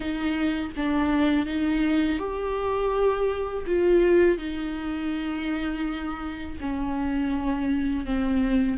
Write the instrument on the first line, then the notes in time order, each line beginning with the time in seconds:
viola
0.00 D#4
0.76 D4
1.45 D#4
2.19 G4
3.66 F4
4.37 D#4
6.60 C#4
8.05 C4